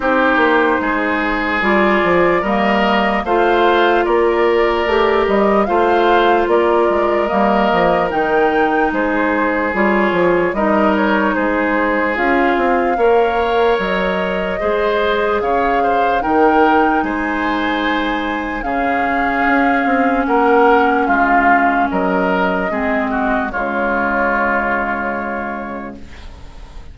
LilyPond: <<
  \new Staff \with { instrumentName = "flute" } { \time 4/4 \tempo 4 = 74 c''2 d''4 dis''4 | f''4 d''4. dis''8 f''4 | d''4 dis''4 g''4 c''4 | cis''4 dis''8 cis''8 c''4 f''4~ |
f''4 dis''2 f''4 | g''4 gis''2 f''4~ | f''4 fis''4 f''4 dis''4~ | dis''4 cis''2. | }
  \new Staff \with { instrumentName = "oboe" } { \time 4/4 g'4 gis'2 ais'4 | c''4 ais'2 c''4 | ais'2. gis'4~ | gis'4 ais'4 gis'2 |
cis''2 c''4 cis''8 c''8 | ais'4 c''2 gis'4~ | gis'4 ais'4 f'4 ais'4 | gis'8 fis'8 f'2. | }
  \new Staff \with { instrumentName = "clarinet" } { \time 4/4 dis'2 f'4 ais4 | f'2 g'4 f'4~ | f'4 ais4 dis'2 | f'4 dis'2 f'4 |
ais'2 gis'2 | dis'2. cis'4~ | cis'1 | c'4 gis2. | }
  \new Staff \with { instrumentName = "bassoon" } { \time 4/4 c'8 ais8 gis4 g8 f8 g4 | a4 ais4 a8 g8 a4 | ais8 gis8 g8 f8 dis4 gis4 | g8 f8 g4 gis4 cis'8 c'8 |
ais4 fis4 gis4 cis4 | dis4 gis2 cis4 | cis'8 c'8 ais4 gis4 fis4 | gis4 cis2. | }
>>